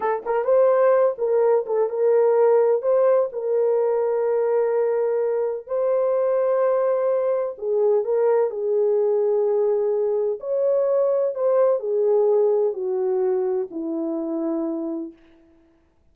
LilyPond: \new Staff \with { instrumentName = "horn" } { \time 4/4 \tempo 4 = 127 a'8 ais'8 c''4. ais'4 a'8 | ais'2 c''4 ais'4~ | ais'1 | c''1 |
gis'4 ais'4 gis'2~ | gis'2 cis''2 | c''4 gis'2 fis'4~ | fis'4 e'2. | }